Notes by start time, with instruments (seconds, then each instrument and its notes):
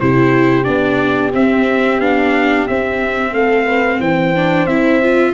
0.00 tuba C3, viola E4, horn G4, trumpet C5
0.64 tuba B3, viola D4, trumpet D5
1.33 tuba C4, viola C4, trumpet E5
1.99 tuba B3, viola D4, trumpet F5
2.67 viola C4, tuba C4, trumpet E5
3.32 tuba A3, horn A4, trumpet F5
3.66 horn B4
4.00 tuba E3, horn C5, trumpet G5
4.35 viola D4
4.66 tuba C4, viola E4, trumpet E5
5.03 viola F4